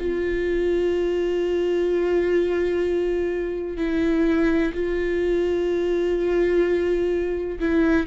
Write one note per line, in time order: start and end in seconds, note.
0.00 3.77 F4
3.77 4.73 E4
4.74 7.59 F4
7.60 8.07 E4